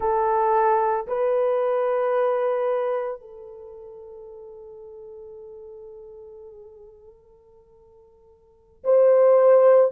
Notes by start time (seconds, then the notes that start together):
0.00 A4
1.07 B4
3.20 A4
8.83 C5